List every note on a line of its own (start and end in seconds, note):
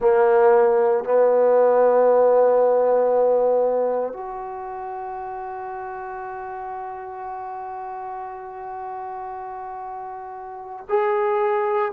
0.00 1.04 A#3
1.04 4.13 B3
4.13 10.85 F#4
10.89 11.92 G#4